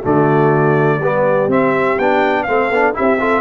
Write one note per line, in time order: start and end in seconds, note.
0.00 0.99 D3
0.00 1.01 A3
0.00 0.98 F#4
0.00 1.51 D5
0.98 1.47 G3
0.98 1.49 B3
0.98 2.45 G4
1.47 1.96 C4
1.47 1.98 C4
1.47 1.99 E5
1.98 2.47 B3
1.98 2.47 D4
1.98 2.43 G5
2.43 2.70 A3
2.43 2.72 C4
2.43 2.95 A4
2.43 2.92 F5
2.70 2.95 B3
2.70 2.93 D4
2.93 3.40 C4
2.93 3.18 E4
2.93 3.19 G4
2.93 3.40 E5
3.19 3.40 F4
3.19 3.40 A4